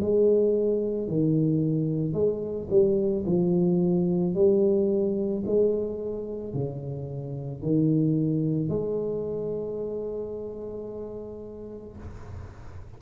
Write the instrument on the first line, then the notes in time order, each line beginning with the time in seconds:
tuba
0.00 G#3
1.08 D#3
2.13 G#3
2.70 G3
3.25 F3
4.34 G3
5.46 G#3
6.54 C#3
7.62 D#3
8.69 G#3